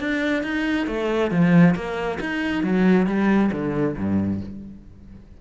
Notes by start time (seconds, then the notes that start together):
0.00 D4
0.43 D#4
0.87 A3
1.31 F3
1.75 A#3
2.20 D#4
2.63 F#3
3.07 G3
3.52 D3
3.97 G2